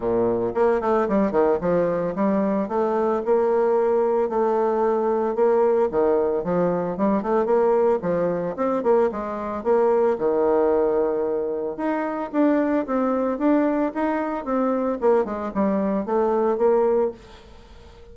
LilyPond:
\new Staff \with { instrumentName = "bassoon" } { \time 4/4 \tempo 4 = 112 ais,4 ais8 a8 g8 dis8 f4 | g4 a4 ais2 | a2 ais4 dis4 | f4 g8 a8 ais4 f4 |
c'8 ais8 gis4 ais4 dis4~ | dis2 dis'4 d'4 | c'4 d'4 dis'4 c'4 | ais8 gis8 g4 a4 ais4 | }